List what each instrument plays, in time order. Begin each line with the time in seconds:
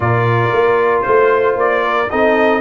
0.00 tuba A#2, trombone F4, horn A#4, trumpet D5
0.52 tuba A#3
1.01 tuba A3, trumpet C5, horn C5
1.54 tuba A#3, trumpet D5
1.84 horn A#4
2.09 tuba C4, trombone D#4, horn A4, trumpet D#5